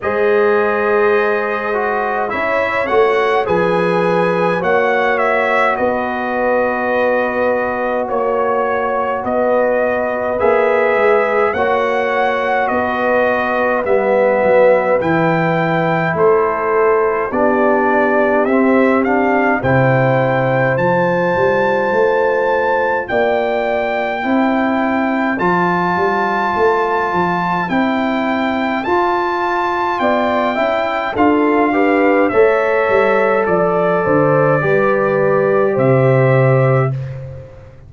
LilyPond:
<<
  \new Staff \with { instrumentName = "trumpet" } { \time 4/4 \tempo 4 = 52 dis''2 e''8 fis''8 gis''4 | fis''8 e''8 dis''2 cis''4 | dis''4 e''4 fis''4 dis''4 | e''4 g''4 c''4 d''4 |
e''8 f''8 g''4 a''2 | g''2 a''2 | g''4 a''4 g''4 f''4 | e''4 d''2 e''4 | }
  \new Staff \with { instrumentName = "horn" } { \time 4/4 c''2 cis''4 b'4 | cis''4 b'2 cis''4 | b'2 cis''4 b'4~ | b'2 a'4 g'4~ |
g'4 c''2. | d''4 c''2.~ | c''2 d''8 e''8 a'8 b'8 | cis''4 d''8 c''8 b'4 c''4 | }
  \new Staff \with { instrumentName = "trombone" } { \time 4/4 gis'4. fis'8 e'8 fis'8 gis'4 | fis'1~ | fis'4 gis'4 fis'2 | b4 e'2 d'4 |
c'8 d'8 e'4 f'2~ | f'4 e'4 f'2 | e'4 f'4. e'8 f'8 g'8 | a'2 g'2 | }
  \new Staff \with { instrumentName = "tuba" } { \time 4/4 gis2 cis'8 a8 f4 | ais4 b2 ais4 | b4 ais8 gis8 ais4 b4 | g8 fis8 e4 a4 b4 |
c'4 c4 f8 g8 a4 | ais4 c'4 f8 g8 a8 f8 | c'4 f'4 b8 cis'8 d'4 | a8 g8 f8 d8 g4 c4 | }
>>